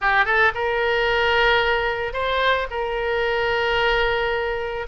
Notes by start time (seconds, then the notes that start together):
0.01 G4
0.25 A4
0.54 A#4
2.13 C5
2.70 A#4